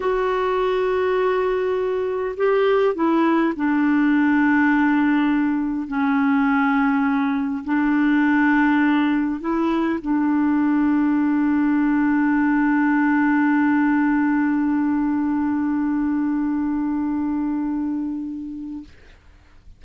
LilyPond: \new Staff \with { instrumentName = "clarinet" } { \time 4/4 \tempo 4 = 102 fis'1 | g'4 e'4 d'2~ | d'2 cis'2~ | cis'4 d'2. |
e'4 d'2.~ | d'1~ | d'1~ | d'1 | }